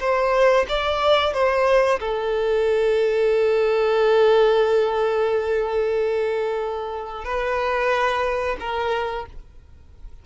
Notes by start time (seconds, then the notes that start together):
0.00 C5
0.69 D5
1.33 C5
2.00 A4
7.25 B4
8.60 A#4